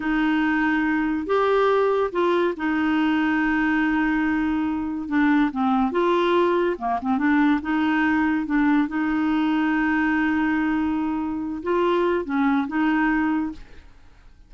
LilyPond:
\new Staff \with { instrumentName = "clarinet" } { \time 4/4 \tempo 4 = 142 dis'2. g'4~ | g'4 f'4 dis'2~ | dis'1 | d'4 c'4 f'2 |
ais8 c'8 d'4 dis'2 | d'4 dis'2.~ | dis'2.~ dis'8 f'8~ | f'4 cis'4 dis'2 | }